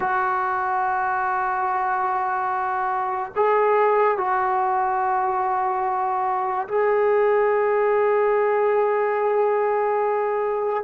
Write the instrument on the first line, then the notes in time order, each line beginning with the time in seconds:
trombone
0.00 F#4
3.36 G#4
4.17 F#4
6.67 G#4